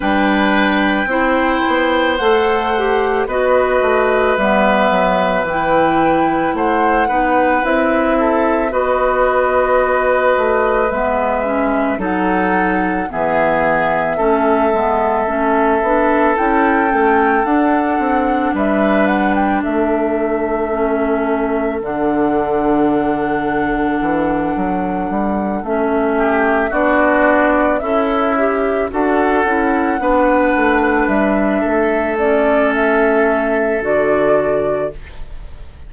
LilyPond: <<
  \new Staff \with { instrumentName = "flute" } { \time 4/4 \tempo 4 = 55 g''2 fis''4 dis''4 | e''4 g''4 fis''4 e''4 | dis''2 e''4 fis''4 | e''2. g''4 |
fis''4 e''8 fis''16 g''16 e''2 | fis''2.~ fis''8 e''8~ | e''8 d''4 e''4 fis''4.~ | fis''8 e''4 d''8 e''4 d''4 | }
  \new Staff \with { instrumentName = "oboe" } { \time 4/4 b'4 c''2 b'4~ | b'2 c''8 b'4 a'8 | b'2. a'4 | gis'4 a'2.~ |
a'4 b'4 a'2~ | a'1 | g'8 fis'4 e'4 a'4 b'8~ | b'4 a'2. | }
  \new Staff \with { instrumentName = "clarinet" } { \time 4/4 d'4 e'4 a'8 g'8 fis'4 | b4 e'4. dis'8 e'4 | fis'2 b8 cis'8 dis'4 | b4 cis'8 b8 cis'8 d'8 e'8 cis'8 |
d'2. cis'4 | d'2.~ d'8 cis'8~ | cis'8 d'4 a'8 g'8 fis'8 e'8 d'8~ | d'4. cis'4. fis'4 | }
  \new Staff \with { instrumentName = "bassoon" } { \time 4/4 g4 c'8 b8 a4 b8 a8 | g8 fis8 e4 a8 b8 c'4 | b4. a8 gis4 fis4 | e4 a8 gis8 a8 b8 cis'8 a8 |
d'8 c'8 g4 a2 | d2 e8 fis8 g8 a8~ | a8 b4 cis'4 d'8 cis'8 b8 | a8 g8 a2 d4 | }
>>